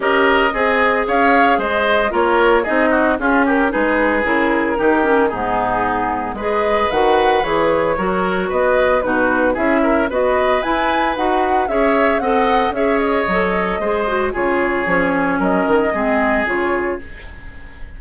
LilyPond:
<<
  \new Staff \with { instrumentName = "flute" } { \time 4/4 \tempo 4 = 113 dis''2 f''4 dis''4 | cis''4 dis''4 gis'8 ais'8 b'4 | ais'2 gis'2 | dis''4 fis''4 cis''2 |
dis''4 b'4 e''4 dis''4 | gis''4 fis''4 e''4 fis''4 | e''8 dis''2~ dis''8 cis''4~ | cis''4 dis''2 cis''4 | }
  \new Staff \with { instrumentName = "oboe" } { \time 4/4 ais'4 gis'4 cis''4 c''4 | ais'4 gis'8 fis'8 f'8 g'8 gis'4~ | gis'4 g'4 dis'2 | b'2. ais'4 |
b'4 fis'4 gis'8 ais'8 b'4~ | b'2 cis''4 dis''4 | cis''2 c''4 gis'4~ | gis'4 ais'4 gis'2 | }
  \new Staff \with { instrumentName = "clarinet" } { \time 4/4 g'4 gis'2. | f'4 dis'4 cis'4 dis'4 | e'4 dis'8 cis'8 b2 | gis'4 fis'4 gis'4 fis'4~ |
fis'4 dis'4 e'4 fis'4 | e'4 fis'4 gis'4 a'4 | gis'4 a'4 gis'8 fis'8 f'4 | cis'2 c'4 f'4 | }
  \new Staff \with { instrumentName = "bassoon" } { \time 4/4 cis'4 c'4 cis'4 gis4 | ais4 c'4 cis'4 gis4 | cis4 dis4 gis,2 | gis4 dis4 e4 fis4 |
b4 b,4 cis'4 b4 | e'4 dis'4 cis'4 c'4 | cis'4 fis4 gis4 cis4 | f4 fis8 dis8 gis4 cis4 | }
>>